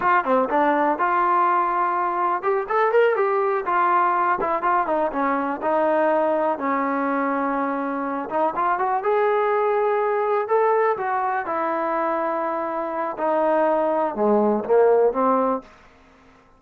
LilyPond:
\new Staff \with { instrumentName = "trombone" } { \time 4/4 \tempo 4 = 123 f'8 c'8 d'4 f'2~ | f'4 g'8 a'8 ais'8 g'4 f'8~ | f'4 e'8 f'8 dis'8 cis'4 dis'8~ | dis'4. cis'2~ cis'8~ |
cis'4 dis'8 f'8 fis'8 gis'4.~ | gis'4. a'4 fis'4 e'8~ | e'2. dis'4~ | dis'4 gis4 ais4 c'4 | }